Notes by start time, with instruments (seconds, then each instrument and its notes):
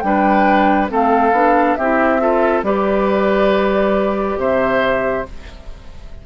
0.00 bassoon G3, clarinet D4, oboe B4, flute G5
0.89 bassoon A3, clarinet C4, oboe A4, flute F5
1.32 bassoon B3, clarinet D4
1.75 bassoon C4, oboe G4, flute E5
1.82 clarinet E4
2.20 clarinet F4, oboe A4
2.63 bassoon G3, clarinet G4, oboe B4, flute D5
4.37 bassoon C3, oboe C5, flute E5